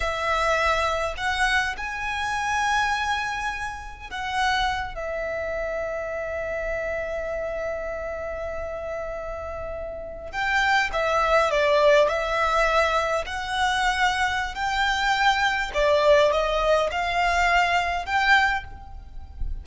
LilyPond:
\new Staff \with { instrumentName = "violin" } { \time 4/4 \tempo 4 = 103 e''2 fis''4 gis''4~ | gis''2. fis''4~ | fis''8 e''2.~ e''8~ | e''1~ |
e''4.~ e''16 g''4 e''4 d''16~ | d''8. e''2 fis''4~ fis''16~ | fis''4 g''2 d''4 | dis''4 f''2 g''4 | }